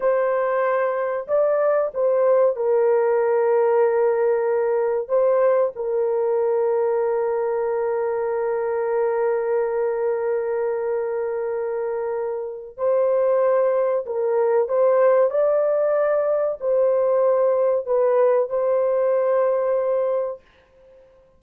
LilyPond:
\new Staff \with { instrumentName = "horn" } { \time 4/4 \tempo 4 = 94 c''2 d''4 c''4 | ais'1 | c''4 ais'2.~ | ais'1~ |
ais'1 | c''2 ais'4 c''4 | d''2 c''2 | b'4 c''2. | }